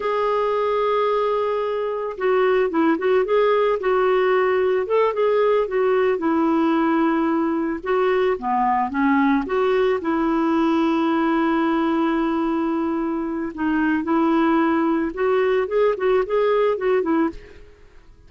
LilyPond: \new Staff \with { instrumentName = "clarinet" } { \time 4/4 \tempo 4 = 111 gis'1 | fis'4 e'8 fis'8 gis'4 fis'4~ | fis'4 a'8 gis'4 fis'4 e'8~ | e'2~ e'8 fis'4 b8~ |
b8 cis'4 fis'4 e'4.~ | e'1~ | e'4 dis'4 e'2 | fis'4 gis'8 fis'8 gis'4 fis'8 e'8 | }